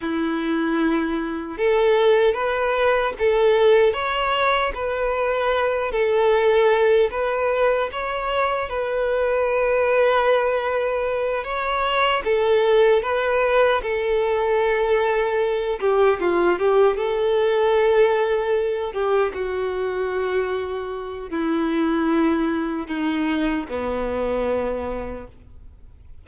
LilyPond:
\new Staff \with { instrumentName = "violin" } { \time 4/4 \tempo 4 = 76 e'2 a'4 b'4 | a'4 cis''4 b'4. a'8~ | a'4 b'4 cis''4 b'4~ | b'2~ b'8 cis''4 a'8~ |
a'8 b'4 a'2~ a'8 | g'8 f'8 g'8 a'2~ a'8 | g'8 fis'2~ fis'8 e'4~ | e'4 dis'4 b2 | }